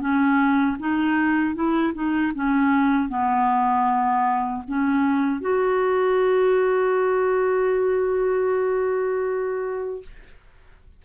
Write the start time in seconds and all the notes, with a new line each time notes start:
0.00 C#4
0.79 D#4
1.55 E4
1.94 D#4
2.35 C#4
3.09 B3
4.67 C#4
5.41 F#4